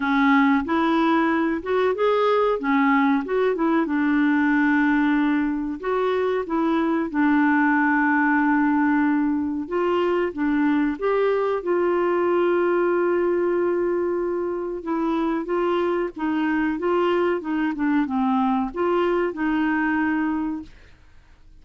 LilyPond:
\new Staff \with { instrumentName = "clarinet" } { \time 4/4 \tempo 4 = 93 cis'4 e'4. fis'8 gis'4 | cis'4 fis'8 e'8 d'2~ | d'4 fis'4 e'4 d'4~ | d'2. f'4 |
d'4 g'4 f'2~ | f'2. e'4 | f'4 dis'4 f'4 dis'8 d'8 | c'4 f'4 dis'2 | }